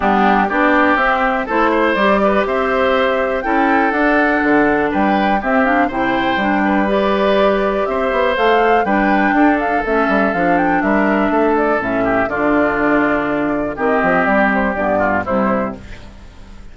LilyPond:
<<
  \new Staff \with { instrumentName = "flute" } { \time 4/4 \tempo 4 = 122 g'4 d''4 e''4 c''4 | d''4 e''2 g''4 | fis''2 g''4 e''8 f''8 | g''2 d''2 |
e''4 f''4 g''4. f''8 | e''4 f''8 g''8 e''4. d''8 | e''4 d''2. | dis''4 d''8 c''8 d''4 c''4 | }
  \new Staff \with { instrumentName = "oboe" } { \time 4/4 d'4 g'2 a'8 c''8~ | c''8 b'8 c''2 a'4~ | a'2 b'4 g'4 | c''4. b'2~ b'8 |
c''2 b'4 a'4~ | a'2 ais'4 a'4~ | a'8 g'8 f'2. | g'2~ g'8 f'8 e'4 | }
  \new Staff \with { instrumentName = "clarinet" } { \time 4/4 b4 d'4 c'4 e'4 | g'2. e'4 | d'2. c'8 d'8 | e'4 d'4 g'2~ |
g'4 a'4 d'2 | cis'4 d'2. | cis'4 d'2. | c'2 b4 g4 | }
  \new Staff \with { instrumentName = "bassoon" } { \time 4/4 g4 b4 c'4 a4 | g4 c'2 cis'4 | d'4 d4 g4 c'4 | c4 g2. |
c'8 b8 a4 g4 d'4 | a8 g8 f4 g4 a4 | a,4 d2. | dis8 f8 g4 g,4 c4 | }
>>